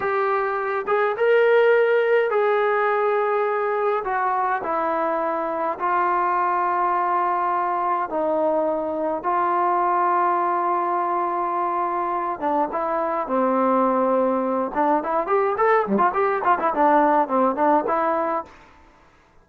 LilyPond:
\new Staff \with { instrumentName = "trombone" } { \time 4/4 \tempo 4 = 104 g'4. gis'8 ais'2 | gis'2. fis'4 | e'2 f'2~ | f'2 dis'2 |
f'1~ | f'4. d'8 e'4 c'4~ | c'4. d'8 e'8 g'8 a'8 g16 f'16 | g'8 f'16 e'16 d'4 c'8 d'8 e'4 | }